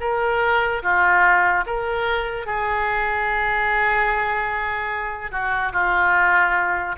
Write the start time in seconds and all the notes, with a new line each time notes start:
0.00 A#4
0.83 F4
1.66 A#4
2.46 G#4
5.31 F#4
5.73 F4